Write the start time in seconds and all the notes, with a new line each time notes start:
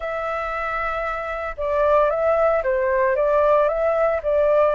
0.00 E5
1.57 D5
2.10 E5
2.63 C5
3.16 D5
3.68 E5
4.22 D5